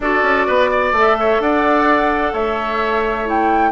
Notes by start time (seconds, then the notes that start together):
0.00 D4 F#4 A4 D5
0.22 C#4
0.47 B3 B4
0.70 D5
0.92 A3 A4 E5
1.19 C#5
1.39 D4 D5 F#5
2.32 A3 C#5 E5
3.25 E4 G5